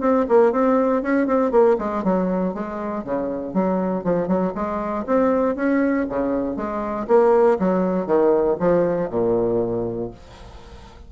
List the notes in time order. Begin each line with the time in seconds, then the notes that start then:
0.00 C4
0.28 A#3
0.52 C4
1.02 C#4
1.26 C4
1.51 A#3
1.78 G#3
2.03 F#3
2.54 G#3
3.04 C#3
3.53 F#3
4.04 F3
4.27 F#3
4.55 G#3
5.06 C4
5.55 C#4
6.09 C#3
6.56 G#3
7.07 A#3
7.59 F#3
8.06 D#3
8.59 F3
9.10 A#2